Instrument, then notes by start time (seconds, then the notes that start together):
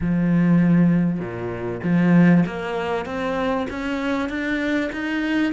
cello
0.00 F3
1.19 A#2
1.83 F3
2.46 A#3
3.05 C4
3.70 C#4
4.29 D4
4.92 D#4